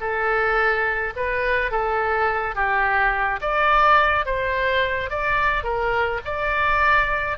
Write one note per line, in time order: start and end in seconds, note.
0.00 1.13 A4
1.16 1.71 B4
1.71 2.55 A4
2.55 3.40 G4
3.41 4.25 D5
4.25 5.10 C5
5.10 5.63 D5
5.63 6.20 A#4
6.24 7.37 D5